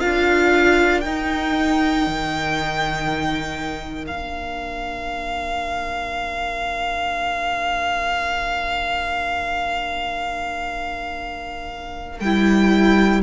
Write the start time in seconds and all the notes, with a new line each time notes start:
0.00 D4 F4 A#4 F5
1.00 D#4 G5
2.07 D#3
4.07 A#3 D4 F5
12.20 G3 E4 G5